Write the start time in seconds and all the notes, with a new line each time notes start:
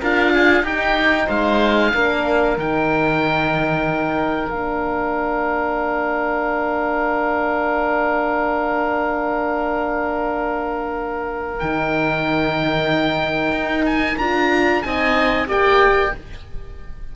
0.00 D4 F4 A#4 F5
0.33 G#4
0.62 D#4 G4 G5
1.26 G#3 C5 F5
1.93 A#3 D4 A#4
2.57 D#3 D#4 G5
4.50 A#3 D4 F5
11.59 D#3 D#4 G5
13.51 D#4
13.86 G#5
14.18 D4 F4 A#5
14.82 C4 D#4 D#5 G#5
15.46 A#3 G4 D5 G5